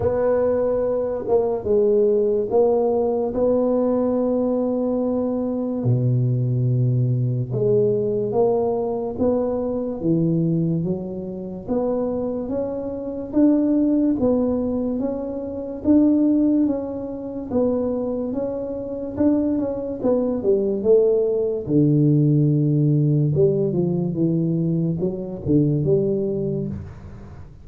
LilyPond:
\new Staff \with { instrumentName = "tuba" } { \time 4/4 \tempo 4 = 72 b4. ais8 gis4 ais4 | b2. b,4~ | b,4 gis4 ais4 b4 | e4 fis4 b4 cis'4 |
d'4 b4 cis'4 d'4 | cis'4 b4 cis'4 d'8 cis'8 | b8 g8 a4 d2 | g8 f8 e4 fis8 d8 g4 | }